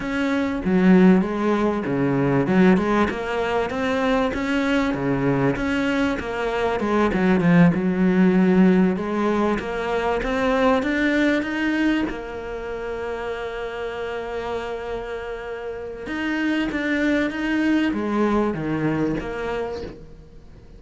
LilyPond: \new Staff \with { instrumentName = "cello" } { \time 4/4 \tempo 4 = 97 cis'4 fis4 gis4 cis4 | fis8 gis8 ais4 c'4 cis'4 | cis4 cis'4 ais4 gis8 fis8 | f8 fis2 gis4 ais8~ |
ais8 c'4 d'4 dis'4 ais8~ | ais1~ | ais2 dis'4 d'4 | dis'4 gis4 dis4 ais4 | }